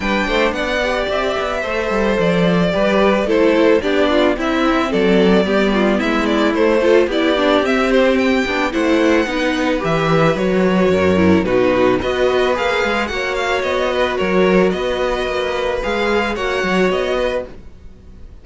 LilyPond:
<<
  \new Staff \with { instrumentName = "violin" } { \time 4/4 \tempo 4 = 110 g''4 fis''4 e''2 | d''2 c''4 d''4 | e''4 d''2 e''8 d''8 | c''4 d''4 e''8 c''8 g''4 |
fis''2 e''4 cis''4~ | cis''4 b'4 dis''4 f''4 | fis''8 f''8 dis''4 cis''4 dis''4~ | dis''4 f''4 fis''4 dis''4 | }
  \new Staff \with { instrumentName = "violin" } { \time 4/4 b'8 c''8 d''2 c''4~ | c''4 b'4 a'4 g'8 f'8 | e'4 a'4 g'8 f'8 e'4~ | e'8 a'8 g'2. |
c''4 b'2. | ais'4 fis'4 b'2 | cis''4. b'8 ais'4 b'4~ | b'2 cis''4. b'8 | }
  \new Staff \with { instrumentName = "viola" } { \time 4/4 d'4. g'4. a'4~ | a'4 g'4 e'4 d'4 | c'2 b2 | a8 f'8 e'8 d'8 c'4. d'8 |
e'4 dis'4 g'4 fis'4~ | fis'8 e'8 dis'4 fis'4 gis'4 | fis'1~ | fis'4 gis'4 fis'2 | }
  \new Staff \with { instrumentName = "cello" } { \time 4/4 g8 a8 b4 c'8 b8 a8 g8 | f4 g4 a4 b4 | c'4 fis4 g4 gis4 | a4 b4 c'4. b8 |
a4 b4 e4 fis4 | fis,4 b,4 b4 ais8 gis8 | ais4 b4 fis4 b4 | ais4 gis4 ais8 fis8 b4 | }
>>